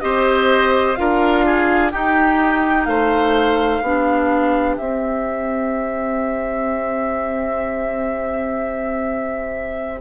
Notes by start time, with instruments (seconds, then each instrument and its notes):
0.00 bassoon C4, clarinet G4, oboe C5, flute D#5
0.95 bassoon D4, clarinet F4, oboe A#4, flute F5
1.46 oboe G#4
1.91 clarinet D#4, bassoon D#4, oboe G4, flute G5
2.85 bassoon A3, oboe C5, flute F5
3.82 bassoon B3, clarinet D4, oboe G4
4.77 bassoon C4, clarinet C4, flute E5